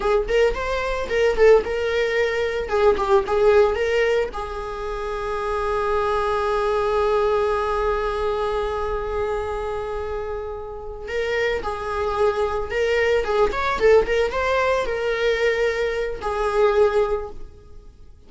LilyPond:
\new Staff \with { instrumentName = "viola" } { \time 4/4 \tempo 4 = 111 gis'8 ais'8 c''4 ais'8 a'8 ais'4~ | ais'4 gis'8 g'8 gis'4 ais'4 | gis'1~ | gis'1~ |
gis'1~ | gis'8 ais'4 gis'2 ais'8~ | ais'8 gis'8 cis''8 a'8 ais'8 c''4 ais'8~ | ais'2 gis'2 | }